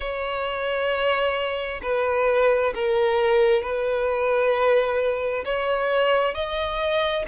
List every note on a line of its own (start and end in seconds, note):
0.00 1.80 C#5
1.82 2.73 B4
2.74 3.62 A#4
3.62 5.44 B4
5.45 6.34 C#5
6.34 7.25 D#5